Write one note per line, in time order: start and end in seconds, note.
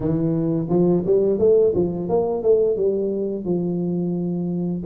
0.00 0.67 E3
0.69 1.03 F3
1.05 1.38 G3
1.38 1.73 A3
1.75 2.08 F3
2.08 2.42 A#3
2.42 2.76 A3
2.76 3.44 G3
3.44 4.82 F3